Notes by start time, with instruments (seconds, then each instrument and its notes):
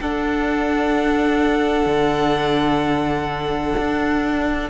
0.00 cello D4, viola D4, violin A4 F#5
1.86 cello D3
3.78 cello D4